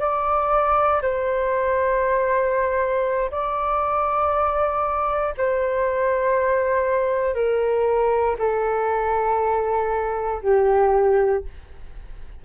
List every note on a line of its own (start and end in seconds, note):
0.00 1.02 D5
1.02 3.31 C5
3.31 5.35 D5
5.38 7.35 C5
7.35 8.37 A#4
8.39 10.42 A4
10.43 11.45 G4